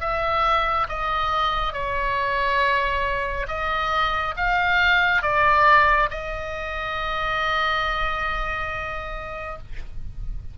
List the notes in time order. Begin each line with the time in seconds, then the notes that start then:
0.00 E5
0.89 D#5
1.73 C#5
3.47 D#5
4.36 F5
5.22 D5
6.10 D#5